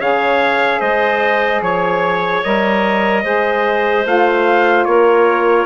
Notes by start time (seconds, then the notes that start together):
0.00 C#3 G#4 C#5 F5
0.80 G#3 C5 D#5
1.61 F3 C#5
2.44 G3 A#4 D#5
3.23 G#3 G#4 C5
4.04 A3 F4 F5
4.84 A#3 A#4 C#5